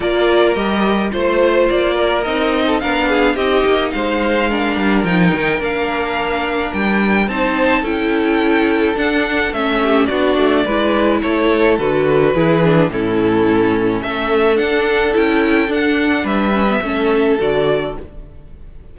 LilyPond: <<
  \new Staff \with { instrumentName = "violin" } { \time 4/4 \tempo 4 = 107 d''4 dis''4 c''4 d''4 | dis''4 f''4 dis''4 f''4~ | f''4 g''4 f''2 | g''4 a''4 g''2 |
fis''4 e''4 d''2 | cis''4 b'2 a'4~ | a'4 e''4 fis''4 g''4 | fis''4 e''2 d''4 | }
  \new Staff \with { instrumentName = "violin" } { \time 4/4 ais'2 c''4. ais'8~ | ais'8. a'16 ais'8 gis'8 g'4 c''4 | ais'1~ | ais'4 c''4 a'2~ |
a'4. g'8 fis'4 b'4 | a'2 gis'4 e'4~ | e'4 a'2.~ | a'4 b'4 a'2 | }
  \new Staff \with { instrumentName = "viola" } { \time 4/4 f'4 g'4 f'2 | dis'4 d'4 dis'2 | d'4 dis'4 d'2~ | d'4 dis'4 e'2 |
d'4 cis'4 d'4 e'4~ | e'4 fis'4 e'8 d'8 cis'4~ | cis'2 d'4 e'4 | d'4. cis'16 b16 cis'4 fis'4 | }
  \new Staff \with { instrumentName = "cello" } { \time 4/4 ais4 g4 a4 ais4 | c'4 b4 c'8 ais8 gis4~ | gis8 g8 f8 dis8 ais2 | g4 c'4 cis'2 |
d'4 a4 b8 a8 gis4 | a4 d4 e4 a,4~ | a,4 a4 d'4 cis'4 | d'4 g4 a4 d4 | }
>>